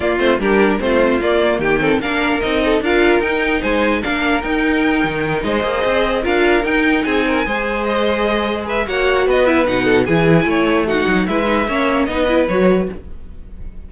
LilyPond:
<<
  \new Staff \with { instrumentName = "violin" } { \time 4/4 \tempo 4 = 149 d''8 c''8 ais'4 c''4 d''4 | g''4 f''4 dis''4 f''4 | g''4 gis''4 f''4 g''4~ | g''4. dis''2 f''8~ |
f''8 g''4 gis''2 dis''8~ | dis''4. e''8 fis''4 dis''8 e''8 | fis''4 gis''2 fis''4 | e''2 dis''4 cis''4 | }
  \new Staff \with { instrumentName = "violin" } { \time 4/4 f'4 g'4 f'2 | g'8 a'8 ais'4. a'8 ais'4~ | ais'4 c''4 ais'2~ | ais'4. c''2 ais'8~ |
ais'4. gis'8 ais'8 c''4.~ | c''4. b'8 cis''4 b'4~ | b'8 a'8 gis'4 cis''4 fis'4 | b'4 cis''4 b'2 | }
  \new Staff \with { instrumentName = "viola" } { \time 4/4 ais8 c'8 d'4 c'4 ais4~ | ais8 c'8 d'4 dis'4 f'4 | dis'2 d'4 dis'4~ | dis'2 gis'4. f'8~ |
f'8 dis'2 gis'4.~ | gis'2 fis'4. e'8 | dis'4 e'2 dis'4 | e'8 dis'8 cis'4 dis'8 e'8 fis'4 | }
  \new Staff \with { instrumentName = "cello" } { \time 4/4 ais8 a8 g4 a4 ais4 | dis4 ais4 c'4 d'4 | dis'4 gis4 ais4 dis'4~ | dis'8 dis4 gis8 ais8 c'4 d'8~ |
d'8 dis'4 c'4 gis4.~ | gis2 ais4 b4 | b,4 e4 a4. fis8 | gis4 ais4 b4 fis4 | }
>>